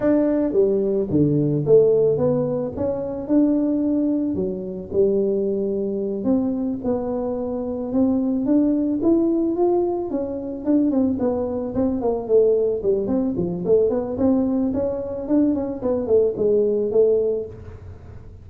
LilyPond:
\new Staff \with { instrumentName = "tuba" } { \time 4/4 \tempo 4 = 110 d'4 g4 d4 a4 | b4 cis'4 d'2 | fis4 g2~ g8 c'8~ | c'8 b2 c'4 d'8~ |
d'8 e'4 f'4 cis'4 d'8 | c'8 b4 c'8 ais8 a4 g8 | c'8 f8 a8 b8 c'4 cis'4 | d'8 cis'8 b8 a8 gis4 a4 | }